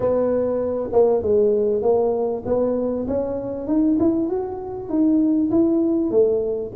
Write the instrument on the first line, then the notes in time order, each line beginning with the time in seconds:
tuba
0.00 B3
0.92 A#3
1.22 G#3
1.81 A#3
2.45 B3
3.07 C#4
3.67 D#4
3.99 E4
4.29 F#4
4.89 D#4
5.50 E4
6.10 A3